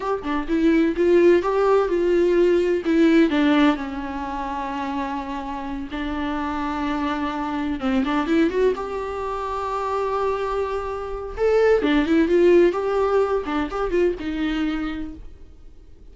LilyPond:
\new Staff \with { instrumentName = "viola" } { \time 4/4 \tempo 4 = 127 g'8 d'8 e'4 f'4 g'4 | f'2 e'4 d'4 | cis'1~ | cis'8 d'2.~ d'8~ |
d'8 c'8 d'8 e'8 fis'8 g'4.~ | g'1 | a'4 d'8 e'8 f'4 g'4~ | g'8 d'8 g'8 f'8 dis'2 | }